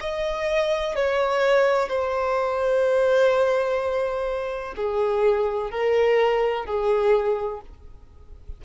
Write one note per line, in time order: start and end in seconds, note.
0.00 0.95 D#5
0.96 1.88 C#5
1.88 4.74 C5
4.76 5.71 G#4
5.71 6.65 A#4
6.65 7.61 G#4